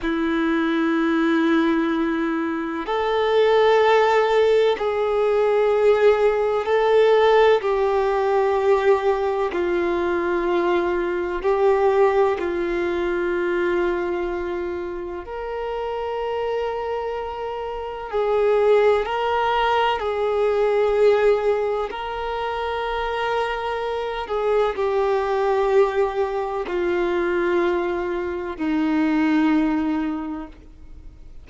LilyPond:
\new Staff \with { instrumentName = "violin" } { \time 4/4 \tempo 4 = 63 e'2. a'4~ | a'4 gis'2 a'4 | g'2 f'2 | g'4 f'2. |
ais'2. gis'4 | ais'4 gis'2 ais'4~ | ais'4. gis'8 g'2 | f'2 dis'2 | }